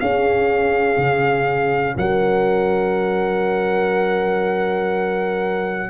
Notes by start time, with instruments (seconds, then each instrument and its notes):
0.00 tuba C#4, trombone C#4, horn G#4, trumpet F5
0.98 tuba C#3
1.97 tuba F#3, horn A#4, trumpet F#5